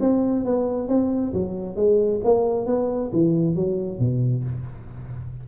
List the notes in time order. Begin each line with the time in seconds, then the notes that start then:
0.00 C4
0.45 B3
0.88 C4
1.33 F#3
1.76 G#3
2.24 A#3
2.66 B3
3.12 E3
3.55 F#3
3.99 B2